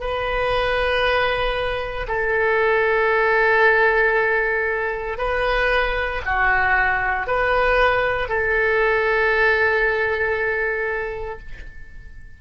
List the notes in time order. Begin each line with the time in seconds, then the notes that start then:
0.00 B4
2.08 A4
5.18 B4
6.25 F#4
7.27 B4
8.29 A4